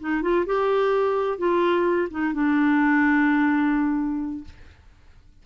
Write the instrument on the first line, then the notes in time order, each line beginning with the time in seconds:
clarinet
0.00 D#4
0.22 F4
0.46 G4
1.38 F4
2.10 D#4
2.33 D4